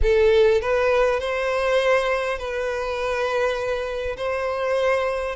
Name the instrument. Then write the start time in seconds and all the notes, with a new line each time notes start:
violin
0.02 A4
0.61 B4
1.20 C5
2.38 B4
4.16 C5